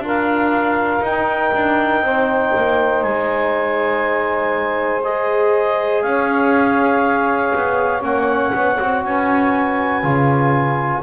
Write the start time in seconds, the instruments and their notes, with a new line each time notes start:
0.00 double bass D4, trombone F4, saxophone A#4
0.07 clarinet F5
1.01 double bass D#4, trombone D#4, clarinet G5
1.55 double bass D4
2.02 double bass C4, saxophone C5
2.56 double bass A#3
3.03 double bass G#3, clarinet G#5
5.04 trombone G#4, clarinet D#5
6.03 double bass C#4, saxophone C#5, clarinet F5
7.56 double bass B3
8.01 double bass A#3, trombone C#4, clarinet F#5
8.54 double bass B3
8.79 double bass C4, trombone F#4
9.04 double bass C#4, saxophone B4, clarinet G#5
10.03 double bass C#3, trombone F4